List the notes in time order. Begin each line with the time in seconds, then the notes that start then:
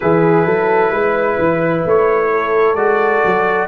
0.00 E3 E4 G#4 B4
0.45 F#3 A4
0.91 G#3 B4
1.38 E3
1.85 A3 C#5
2.31 A4
2.73 G#3 F#4 D5
3.25 F#3